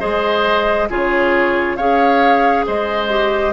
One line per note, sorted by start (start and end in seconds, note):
0.00 0.90 G#3
0.00 0.88 G#4
0.00 0.89 C5
0.00 0.88 D#5
0.90 1.78 C#3
0.90 1.78 F4
0.90 1.77 G#4
0.90 1.77 C#5
1.77 2.66 C#4
1.77 3.10 G#4
1.77 2.65 C#5
1.77 2.65 F5
2.67 3.53 G#3
2.67 3.53 C5
2.67 3.53 D#5
3.10 3.53 G4